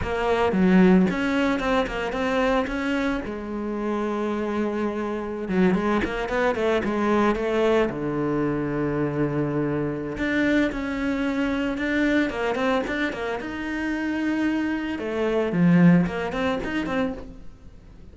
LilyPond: \new Staff \with { instrumentName = "cello" } { \time 4/4 \tempo 4 = 112 ais4 fis4 cis'4 c'8 ais8 | c'4 cis'4 gis2~ | gis2~ gis16 fis8 gis8 ais8 b16~ | b16 a8 gis4 a4 d4~ d16~ |
d2. d'4 | cis'2 d'4 ais8 c'8 | d'8 ais8 dis'2. | a4 f4 ais8 c'8 dis'8 c'8 | }